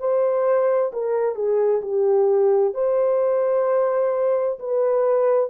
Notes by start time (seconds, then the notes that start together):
0.00 C5
0.93 A#4
1.36 G#4
1.82 G4
2.74 C5
4.59 B4